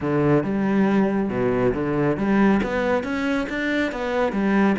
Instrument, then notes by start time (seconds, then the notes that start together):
cello
0.00 D3
0.43 G3
1.29 B2
1.74 D3
2.17 G3
2.63 B3
3.03 C#4
3.49 D4
3.92 B3
4.32 G3